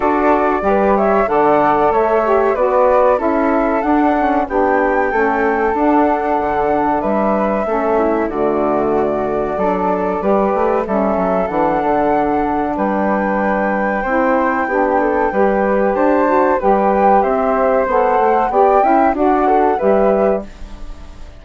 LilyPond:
<<
  \new Staff \with { instrumentName = "flute" } { \time 4/4 \tempo 4 = 94 d''4. e''8 fis''4 e''4 | d''4 e''4 fis''4 g''4~ | g''4 fis''2 e''4~ | e''4 d''2.~ |
d''4 e''4 fis''2 | g''1~ | g''4 a''4 g''4 e''4 | fis''4 g''4 fis''4 e''4 | }
  \new Staff \with { instrumentName = "flute" } { \time 4/4 a'4 b'8 cis''8 d''4 cis''4 | b'4 a'2 g'4 | a'2. b'4 | a'8 e'8 fis'2 a'4 |
b'4 a'2. | b'2 c''4 g'8 a'8 | b'4 c''4 b'4 c''4~ | c''4 d''8 e''8 d''8 a'8 b'4 | }
  \new Staff \with { instrumentName = "saxophone" } { \time 4/4 fis'4 g'4 a'4. g'8 | fis'4 e'4 d'8 cis'8 d'4 | cis'4 d'2. | cis'4 a2 d'4 |
g'4 cis'4 d'2~ | d'2 e'4 d'4 | g'4. fis'8 g'2 | a'4 g'8 e'8 fis'4 g'4 | }
  \new Staff \with { instrumentName = "bassoon" } { \time 4/4 d'4 g4 d4 a4 | b4 cis'4 d'4 b4 | a4 d'4 d4 g4 | a4 d2 fis4 |
g8 a8 g8 fis8 e8 d4. | g2 c'4 b4 | g4 d'4 g4 c'4 | b8 a8 b8 cis'8 d'4 g4 | }
>>